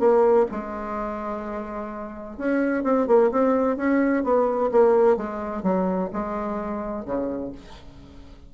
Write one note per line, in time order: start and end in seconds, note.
0.00 0.47 A#3
0.52 2.38 G#3
2.38 2.84 C#4
2.84 3.07 C4
3.08 3.31 A#3
3.31 3.77 C4
3.77 4.24 C#4
4.24 4.71 B3
4.72 5.17 A#3
5.17 5.63 G#3
5.63 6.10 F#3
6.13 7.05 G#3
7.05 7.52 C#3